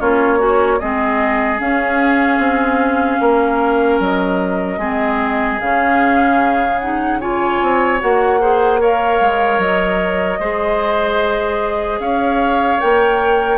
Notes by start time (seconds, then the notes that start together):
0.00 A#3 C#4 F4 C#5
0.39 C#4 F#4
0.80 G#3 C4 G#4 D#5
1.59 C#4 F5
2.39 C4
3.21 A#3 A#4
4.00 F#3 D#5
4.78 G#3 C4 G#4
5.61 C#3 C#4 F5
6.79 D#4 F#5
7.21 F4 C#5 G#5
7.62 C4
8.00 A#3 F#4 F#5
8.41 G#4 C5
8.80 A#4 C#5 F5
9.21 G#3
9.58 F#3 D#5
10.39 G#3 G#4 C5
12.00 C#4 C#5 F5
12.80 A#3 A#4 G5